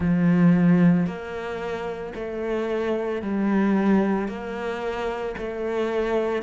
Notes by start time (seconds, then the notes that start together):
0.00 F3
1.06 A#3
2.14 A3
3.21 G3
4.28 A#3
5.37 A3